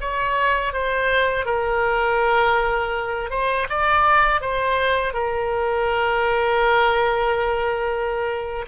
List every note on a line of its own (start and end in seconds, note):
0.00 0.73 C#5
0.73 1.45 C5
1.45 3.30 A#4
3.30 3.67 C5
3.69 4.41 D5
4.41 5.13 C5
5.13 8.65 A#4